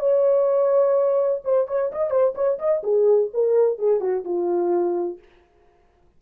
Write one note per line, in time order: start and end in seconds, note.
0.00 1.42 C#5
1.45 1.68 C5
1.68 1.92 C#5
1.92 2.11 D#5
2.11 2.34 C5
2.35 2.59 C#5
2.59 2.83 D#5
2.83 3.31 G#4
3.34 3.79 A#4
3.79 4.01 G#4
4.01 4.24 F#4
4.25 5.19 F4